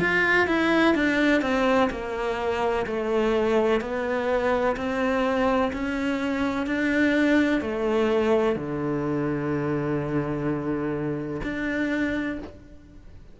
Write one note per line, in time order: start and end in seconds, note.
0.00 0.48 F4
0.48 0.95 E4
0.95 1.42 D4
1.42 1.90 C4
1.90 2.86 A#3
2.86 3.81 A3
3.81 4.76 B3
4.76 5.71 C4
5.73 6.67 C#4
6.67 7.61 D4
7.61 8.56 A3
8.56 11.42 D3
11.43 12.39 D4